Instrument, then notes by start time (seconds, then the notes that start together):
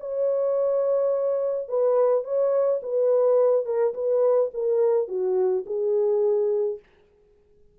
horn
0.00 C#5
1.68 B4
2.24 C#5
2.82 B4
3.65 A#4
3.94 B4
4.53 A#4
5.08 F#4
5.66 G#4